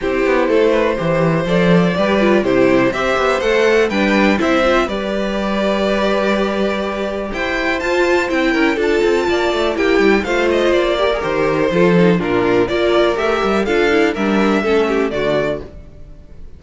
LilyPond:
<<
  \new Staff \with { instrumentName = "violin" } { \time 4/4 \tempo 4 = 123 c''2. d''4~ | d''4 c''4 e''4 fis''4 | g''4 e''4 d''2~ | d''2. g''4 |
a''4 g''4 a''2 | g''4 f''8 dis''8 d''4 c''4~ | c''4 ais'4 d''4 e''4 | f''4 e''2 d''4 | }
  \new Staff \with { instrumentName = "violin" } { \time 4/4 g'4 a'8 b'8 c''2 | b'4 g'4 c''2 | b'4 c''4 b'2~ | b'2. c''4~ |
c''4. ais'8 a'4 d''4 | g'4 c''4. ais'4. | a'4 f'4 ais'2 | a'4 ais'4 a'8 g'8 fis'4 | }
  \new Staff \with { instrumentName = "viola" } { \time 4/4 e'2 g'4 a'4 | g'8 f'8 e'4 g'4 a'4 | d'4 e'8 f'8 g'2~ | g'1 |
f'4 e'4 f'2 | e'4 f'4. g'16 gis'16 g'4 | f'8 dis'8 d'4 f'4 g'4 | f'8 e'8 d'4 cis'4 a4 | }
  \new Staff \with { instrumentName = "cello" } { \time 4/4 c'8 b8 a4 e4 f4 | g4 c4 c'8 b8 a4 | g4 c'4 g2~ | g2. e'4 |
f'4 c'8 cis'8 d'8 c'8 ais8 a8 | ais8 g8 a4 ais4 dis4 | f4 ais,4 ais4 a8 g8 | d'4 g4 a4 d4 | }
>>